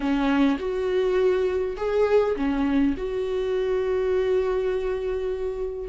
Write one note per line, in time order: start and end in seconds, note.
0.00 0.57 C#4
0.58 1.76 F#4
1.76 2.35 G#4
2.36 2.95 C#4
2.97 5.89 F#4